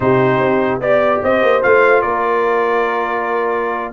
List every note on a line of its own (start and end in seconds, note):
0.00 0.39 C3
0.00 0.81 D#4
0.00 0.83 G4
0.00 0.80 C5
0.39 0.79 C4
0.79 1.20 B3
0.79 1.62 G4
0.79 1.21 D5
0.79 1.23 D5
1.23 1.42 C4
1.23 2.02 C5
1.23 1.62 D#5
1.42 1.62 A#3
1.62 2.02 A3
1.62 3.93 F4
1.62 2.01 F5
2.01 3.93 A#3
2.01 3.93 A#4
2.01 3.93 D5